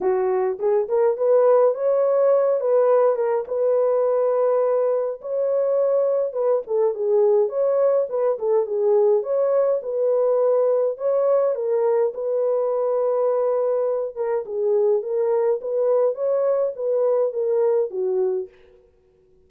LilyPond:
\new Staff \with { instrumentName = "horn" } { \time 4/4 \tempo 4 = 104 fis'4 gis'8 ais'8 b'4 cis''4~ | cis''8 b'4 ais'8 b'2~ | b'4 cis''2 b'8 a'8 | gis'4 cis''4 b'8 a'8 gis'4 |
cis''4 b'2 cis''4 | ais'4 b'2.~ | b'8 ais'8 gis'4 ais'4 b'4 | cis''4 b'4 ais'4 fis'4 | }